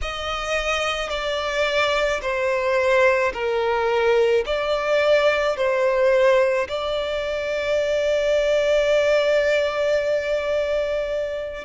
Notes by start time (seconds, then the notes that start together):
0.02 D#5
1.09 D5
2.21 C5
3.33 A#4
4.45 D5
5.56 C5
6.68 D5